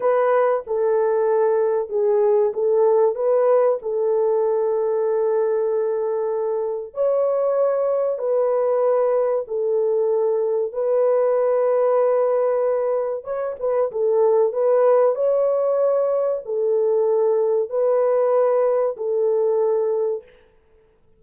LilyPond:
\new Staff \with { instrumentName = "horn" } { \time 4/4 \tempo 4 = 95 b'4 a'2 gis'4 | a'4 b'4 a'2~ | a'2. cis''4~ | cis''4 b'2 a'4~ |
a'4 b'2.~ | b'4 cis''8 b'8 a'4 b'4 | cis''2 a'2 | b'2 a'2 | }